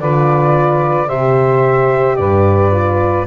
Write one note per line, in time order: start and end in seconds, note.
0.00 1.09 D3
0.00 1.08 F4
0.00 1.07 B4
0.00 1.09 D5
1.07 2.18 C3
1.07 2.71 G4
1.07 2.16 C5
1.07 2.16 E5
2.16 3.27 G2
2.16 3.27 B4
2.16 3.25 D5
2.71 3.26 F4